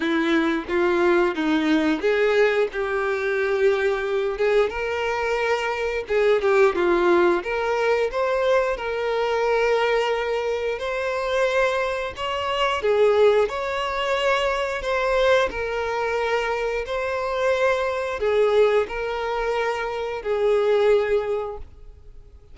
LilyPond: \new Staff \with { instrumentName = "violin" } { \time 4/4 \tempo 4 = 89 e'4 f'4 dis'4 gis'4 | g'2~ g'8 gis'8 ais'4~ | ais'4 gis'8 g'8 f'4 ais'4 | c''4 ais'2. |
c''2 cis''4 gis'4 | cis''2 c''4 ais'4~ | ais'4 c''2 gis'4 | ais'2 gis'2 | }